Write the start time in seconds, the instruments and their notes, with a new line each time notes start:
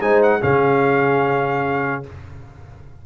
0.00 tuba G#3, trombone D#4, horn C5, trumpet G#5
0.22 trumpet F#5
0.40 tuba C#3, trombone C#4, horn G#4, trumpet F5